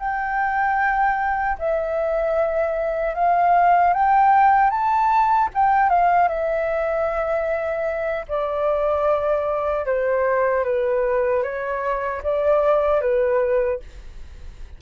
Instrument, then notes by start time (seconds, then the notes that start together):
flute
0.00 G5
1.59 E5
3.15 F5
3.94 G5
4.70 A5
5.54 G5
5.90 F5
6.29 E5
8.29 D5
9.86 C5
10.65 B4
11.43 C#5
12.23 D5
13.01 B4